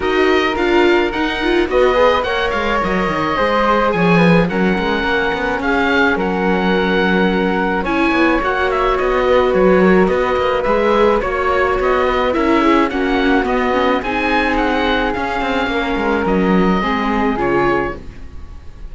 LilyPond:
<<
  \new Staff \with { instrumentName = "oboe" } { \time 4/4 \tempo 4 = 107 dis''4 f''4 fis''4 dis''4 | fis''8 f''8 dis''2 gis''4 | fis''2 f''4 fis''4~ | fis''2 gis''4 fis''8 e''8 |
dis''4 cis''4 dis''4 e''4 | cis''4 dis''4 e''4 fis''4 | dis''4 gis''4 fis''4 f''4~ | f''4 dis''2 cis''4 | }
  \new Staff \with { instrumentName = "flute" } { \time 4/4 ais'2. b'4 | cis''2 c''4 cis''8 b'8 | ais'2 gis'4 ais'4~ | ais'2 cis''2~ |
cis''8 b'4 ais'8 b'2 | cis''4. b'8 ais'8 gis'8 fis'4~ | fis'4 gis'2. | ais'2 gis'2 | }
  \new Staff \with { instrumentName = "viola" } { \time 4/4 fis'4 f'4 dis'8 f'8 fis'8 gis'8 | ais'2 gis'2 | cis'1~ | cis'2 e'4 fis'4~ |
fis'2. gis'4 | fis'2 e'4 cis'4 | b8 cis'8 dis'2 cis'4~ | cis'2 c'4 f'4 | }
  \new Staff \with { instrumentName = "cello" } { \time 4/4 dis'4 d'4 dis'4 b4 | ais8 gis8 fis8 dis8 gis4 f4 | fis8 gis8 ais8 b8 cis'4 fis4~ | fis2 cis'8 b8 ais4 |
b4 fis4 b8 ais8 gis4 | ais4 b4 cis'4 ais4 | b4 c'2 cis'8 c'8 | ais8 gis8 fis4 gis4 cis4 | }
>>